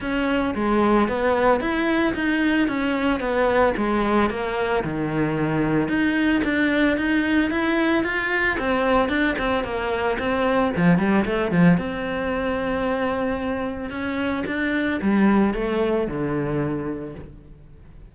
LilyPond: \new Staff \with { instrumentName = "cello" } { \time 4/4 \tempo 4 = 112 cis'4 gis4 b4 e'4 | dis'4 cis'4 b4 gis4 | ais4 dis2 dis'4 | d'4 dis'4 e'4 f'4 |
c'4 d'8 c'8 ais4 c'4 | f8 g8 a8 f8 c'2~ | c'2 cis'4 d'4 | g4 a4 d2 | }